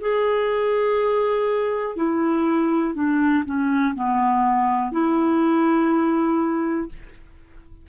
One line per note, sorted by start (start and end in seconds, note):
0.00 1.96 G#4
1.96 2.94 E4
2.94 3.43 D4
3.45 3.94 C#4
3.94 4.91 B3
4.91 6.88 E4